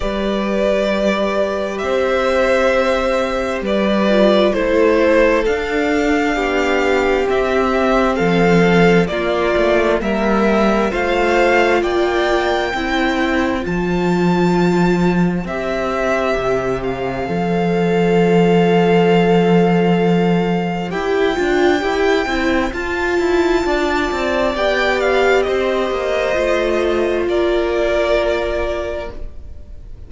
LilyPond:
<<
  \new Staff \with { instrumentName = "violin" } { \time 4/4 \tempo 4 = 66 d''2 e''2 | d''4 c''4 f''2 | e''4 f''4 d''4 e''4 | f''4 g''2 a''4~ |
a''4 e''4. f''4.~ | f''2. g''4~ | g''4 a''2 g''8 f''8 | dis''2 d''2 | }
  \new Staff \with { instrumentName = "violin" } { \time 4/4 b'2 c''2 | b'4 a'2 g'4~ | g'4 a'4 f'4 ais'4 | c''4 d''4 c''2~ |
c''1~ | c''1~ | c''2 d''2 | c''2 ais'2 | }
  \new Staff \with { instrumentName = "viola" } { \time 4/4 g'1~ | g'8 f'8 e'4 d'2 | c'2 ais2 | f'2 e'4 f'4~ |
f'4 g'2 a'4~ | a'2. g'8 f'8 | g'8 e'8 f'2 g'4~ | g'4 f'2. | }
  \new Staff \with { instrumentName = "cello" } { \time 4/4 g2 c'2 | g4 a4 d'4 b4 | c'4 f4 ais8 a8 g4 | a4 ais4 c'4 f4~ |
f4 c'4 c4 f4~ | f2. e'8 d'8 | e'8 c'8 f'8 e'8 d'8 c'8 b4 | c'8 ais8 a4 ais2 | }
>>